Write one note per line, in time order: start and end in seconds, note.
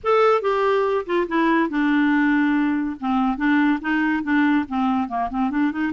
0.03 0.41 A4
0.41 1.05 G4
1.06 1.27 F4
1.28 1.69 E4
1.69 2.96 D4
3.00 3.37 C4
3.37 3.79 D4
3.81 4.23 D#4
4.23 4.65 D4
4.68 5.08 C4
5.08 5.29 A#3
5.30 5.50 C4
5.50 5.71 D4
5.71 5.92 D#4